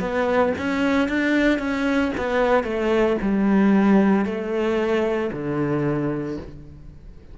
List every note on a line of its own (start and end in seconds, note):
0.00 0.53 B3
0.58 1.08 C#4
1.08 1.58 D4
1.58 2.11 C#4
2.17 2.63 B3
2.63 3.16 A3
3.21 4.25 G3
4.25 5.30 A3
5.32 6.37 D3